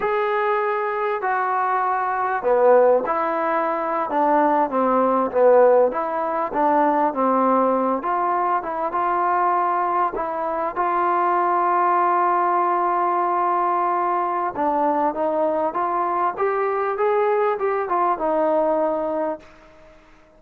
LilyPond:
\new Staff \with { instrumentName = "trombone" } { \time 4/4 \tempo 4 = 99 gis'2 fis'2 | b4 e'4.~ e'16 d'4 c'16~ | c'8. b4 e'4 d'4 c'16~ | c'4~ c'16 f'4 e'8 f'4~ f'16~ |
f'8. e'4 f'2~ f'16~ | f'1 | d'4 dis'4 f'4 g'4 | gis'4 g'8 f'8 dis'2 | }